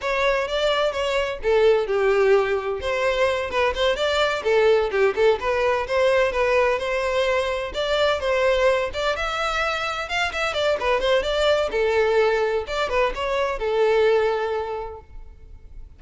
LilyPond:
\new Staff \with { instrumentName = "violin" } { \time 4/4 \tempo 4 = 128 cis''4 d''4 cis''4 a'4 | g'2 c''4. b'8 | c''8 d''4 a'4 g'8 a'8 b'8~ | b'8 c''4 b'4 c''4.~ |
c''8 d''4 c''4. d''8 e''8~ | e''4. f''8 e''8 d''8 b'8 c''8 | d''4 a'2 d''8 b'8 | cis''4 a'2. | }